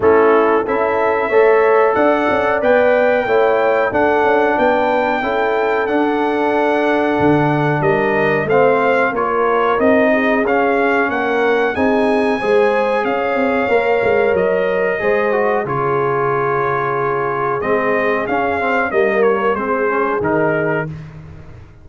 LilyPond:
<<
  \new Staff \with { instrumentName = "trumpet" } { \time 4/4 \tempo 4 = 92 a'4 e''2 fis''4 | g''2 fis''4 g''4~ | g''4 fis''2. | dis''4 f''4 cis''4 dis''4 |
f''4 fis''4 gis''2 | f''2 dis''2 | cis''2. dis''4 | f''4 dis''8 cis''8 c''4 ais'4 | }
  \new Staff \with { instrumentName = "horn" } { \time 4/4 e'4 a'4 cis''4 d''4~ | d''4 cis''4 a'4 b'4 | a'1 | ais'4 c''4 ais'4. gis'8~ |
gis'4 ais'4 gis'4 c''4 | cis''2. c''4 | gis'1~ | gis'4 ais'4 gis'2 | }
  \new Staff \with { instrumentName = "trombone" } { \time 4/4 cis'4 e'4 a'2 | b'4 e'4 d'2 | e'4 d'2.~ | d'4 c'4 f'4 dis'4 |
cis'2 dis'4 gis'4~ | gis'4 ais'2 gis'8 fis'8 | f'2. c'4 | cis'8 c'8 ais4 c'8 cis'8 dis'4 | }
  \new Staff \with { instrumentName = "tuba" } { \time 4/4 a4 cis'4 a4 d'8 cis'8 | b4 a4 d'8 cis'8 b4 | cis'4 d'2 d4 | g4 a4 ais4 c'4 |
cis'4 ais4 c'4 gis4 | cis'8 c'8 ais8 gis8 fis4 gis4 | cis2. gis4 | cis'4 g4 gis4 dis4 | }
>>